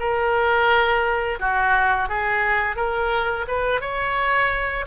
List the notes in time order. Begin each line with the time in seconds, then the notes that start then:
0.00 A#4
1.40 F#4
2.09 G#4
2.76 A#4
3.48 B4
3.81 C#5